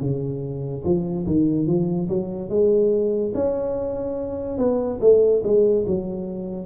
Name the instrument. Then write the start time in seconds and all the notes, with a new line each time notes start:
tuba
0.00 C#3
0.84 F3
1.26 D#3
1.66 F3
2.09 F#3
2.49 G#3
3.34 C#4
4.58 B3
5.00 A3
5.43 G#3
5.86 F#3